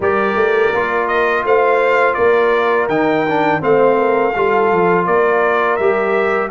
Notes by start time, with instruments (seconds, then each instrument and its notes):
0.00 tuba G3, trombone G4, horn A#4, trumpet D5
0.35 tuba A3
0.73 tuba A#3, trombone F4
1.07 trumpet D#5
1.44 tuba A3, horn C5, trumpet F5
2.14 tuba A#3, horn A#4, trumpet D5
2.88 tuba D#3, trombone D#4, trumpet G5
3.28 trombone D4
3.60 tuba A3, trombone C4, horn C5, trumpet F5
3.98 horn A#4
4.35 tuba G3, trombone F4, horn A4
4.71 tuba F3
5.06 tuba A#3, horn A#4, trumpet D5
5.76 tuba G3, trombone G4, trumpet E5